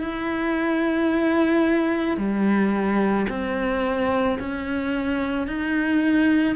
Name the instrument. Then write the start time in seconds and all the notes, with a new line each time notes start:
cello
0.00 E4
2.17 G3
3.29 C4
4.39 C#4
5.47 D#4